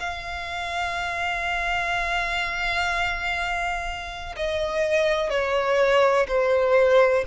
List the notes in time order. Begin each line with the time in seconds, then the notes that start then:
0.00 F5
4.36 D#5
5.30 C#5
6.28 C5